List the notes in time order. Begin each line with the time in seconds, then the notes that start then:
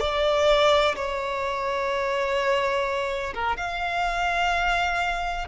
0.00 D5
0.96 C#5
3.34 A#4
3.57 F5